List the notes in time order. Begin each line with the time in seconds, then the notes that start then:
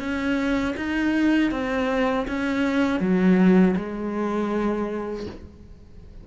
0.00 C#4
0.77 D#4
1.52 C4
2.28 C#4
3.00 F#3
3.77 G#3